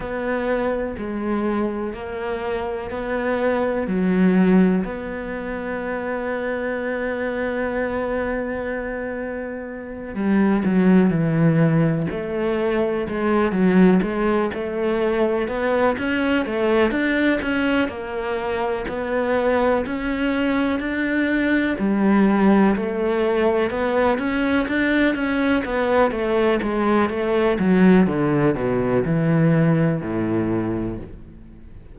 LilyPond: \new Staff \with { instrumentName = "cello" } { \time 4/4 \tempo 4 = 62 b4 gis4 ais4 b4 | fis4 b2.~ | b2~ b8 g8 fis8 e8~ | e8 a4 gis8 fis8 gis8 a4 |
b8 cis'8 a8 d'8 cis'8 ais4 b8~ | b8 cis'4 d'4 g4 a8~ | a8 b8 cis'8 d'8 cis'8 b8 a8 gis8 | a8 fis8 d8 b,8 e4 a,4 | }